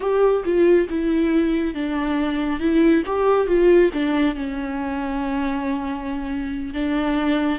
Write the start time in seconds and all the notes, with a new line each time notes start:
0.00 G4
0.44 F4
0.89 E4
1.74 D4
2.59 E4
3.06 G4
3.47 F4
3.93 D4
4.35 C#4
6.74 D4